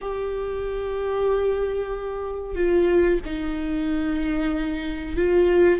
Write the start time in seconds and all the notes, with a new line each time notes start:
0.01 G4
2.55 F4
3.25 D#4
5.16 F4